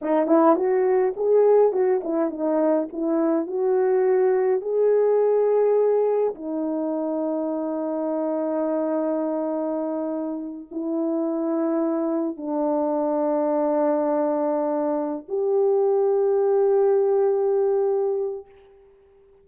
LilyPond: \new Staff \with { instrumentName = "horn" } { \time 4/4 \tempo 4 = 104 dis'8 e'8 fis'4 gis'4 fis'8 e'8 | dis'4 e'4 fis'2 | gis'2. dis'4~ | dis'1~ |
dis'2~ dis'8 e'4.~ | e'4. d'2~ d'8~ | d'2~ d'8 g'4.~ | g'1 | }